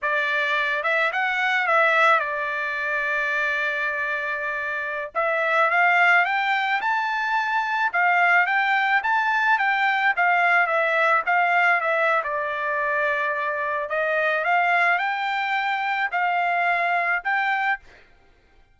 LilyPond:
\new Staff \with { instrumentName = "trumpet" } { \time 4/4 \tempo 4 = 108 d''4. e''8 fis''4 e''4 | d''1~ | d''4~ d''16 e''4 f''4 g''8.~ | g''16 a''2 f''4 g''8.~ |
g''16 a''4 g''4 f''4 e''8.~ | e''16 f''4 e''8. d''2~ | d''4 dis''4 f''4 g''4~ | g''4 f''2 g''4 | }